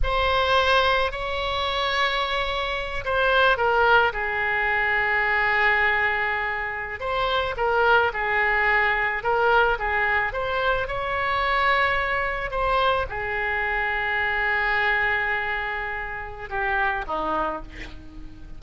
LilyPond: \new Staff \with { instrumentName = "oboe" } { \time 4/4 \tempo 4 = 109 c''2 cis''2~ | cis''4. c''4 ais'4 gis'8~ | gis'1~ | gis'8. c''4 ais'4 gis'4~ gis'16~ |
gis'8. ais'4 gis'4 c''4 cis''16~ | cis''2~ cis''8. c''4 gis'16~ | gis'1~ | gis'2 g'4 dis'4 | }